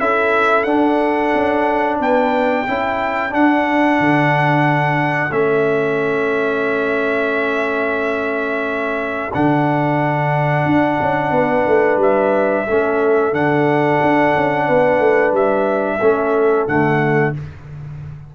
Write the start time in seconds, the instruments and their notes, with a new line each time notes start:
0.00 tuba C#4, trombone E4, horn A4, trumpet E5
0.64 tuba D4, trombone D4, trumpet F#5
1.35 tuba C#4
2.00 tuba B3, horn B4, trumpet G5
2.67 tuba C#4, trombone E4, horn A4
3.30 trombone D4, tuba D4, trumpet F#5
4.00 tuba D3
5.31 tuba A3, trombone C#4, trumpet E5
9.34 tuba D3, trombone D4, trumpet F#5
10.66 tuba D4
11.01 tuba C#4
11.31 tuba B3, horn B4
11.68 tuba A3
11.97 tuba G3, trumpet E5
12.68 tuba A3, trombone C#4, horn A4
13.33 tuba D3, trombone D4, trumpet F#5
14.02 tuba D4
14.36 tuba C#4
14.67 tuba B3, horn B4
14.99 tuba A3
15.33 tuba G3, trumpet E5
15.99 tuba A3, trombone C#4, horn A4
16.68 tuba D3, trombone A3, trumpet F#5